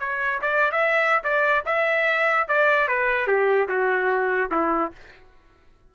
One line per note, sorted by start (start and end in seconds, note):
0.00 0.41 C#5
0.42 0.72 D5
0.72 1.23 E5
1.24 1.65 D5
1.66 2.48 E5
2.48 2.88 D5
2.88 3.27 B4
3.27 3.68 G4
3.69 4.51 F#4
4.51 4.92 E4